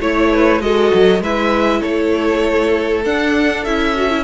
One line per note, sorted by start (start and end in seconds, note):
0.00 0.61 A3
0.00 0.62 E4
0.00 0.61 C#5
0.00 0.32 C#5
0.32 0.62 B4
0.61 0.91 G#3
0.61 1.22 F#4
0.61 1.23 A4
0.61 1.22 D#5
0.94 1.20 F#3
1.20 1.81 G#3
1.20 3.05 E4
1.20 1.80 B4
1.20 1.82 E5
1.80 3.06 A3
1.80 4.22 A4
1.80 3.03 C#5
3.05 3.65 D4
3.05 3.66 D4
3.05 3.64 F#5
3.64 4.23 C#4
3.64 3.96 E4
3.64 4.23 E5
3.96 4.11 F#4
4.11 4.23 E4